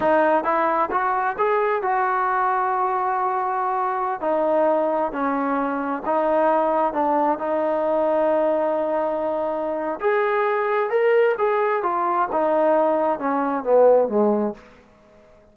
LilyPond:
\new Staff \with { instrumentName = "trombone" } { \time 4/4 \tempo 4 = 132 dis'4 e'4 fis'4 gis'4 | fis'1~ | fis'4~ fis'16 dis'2 cis'8.~ | cis'4~ cis'16 dis'2 d'8.~ |
d'16 dis'2.~ dis'8.~ | dis'2 gis'2 | ais'4 gis'4 f'4 dis'4~ | dis'4 cis'4 b4 gis4 | }